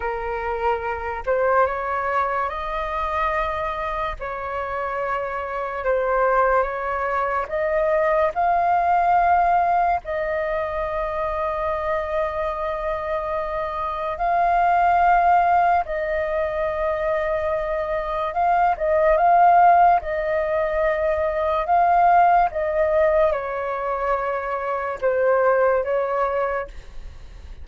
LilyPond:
\new Staff \with { instrumentName = "flute" } { \time 4/4 \tempo 4 = 72 ais'4. c''8 cis''4 dis''4~ | dis''4 cis''2 c''4 | cis''4 dis''4 f''2 | dis''1~ |
dis''4 f''2 dis''4~ | dis''2 f''8 dis''8 f''4 | dis''2 f''4 dis''4 | cis''2 c''4 cis''4 | }